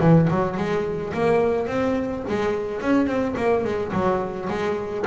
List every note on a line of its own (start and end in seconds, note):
0.00 0.28 E3
0.30 0.57 F#3
0.57 1.13 G#3
1.13 1.67 A#3
1.67 2.23 C4
2.29 2.81 G#3
2.81 3.06 C#4
3.06 3.34 C4
3.36 3.64 A#3
3.64 3.92 G#3
3.92 4.48 F#3
4.49 5.05 G#3